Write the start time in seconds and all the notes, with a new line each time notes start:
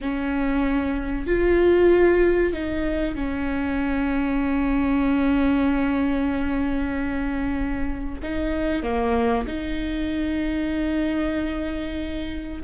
0.00 C#4
1.26 F4
2.53 D#4
3.15 C#4
8.22 D#4
8.82 A#3
9.47 D#4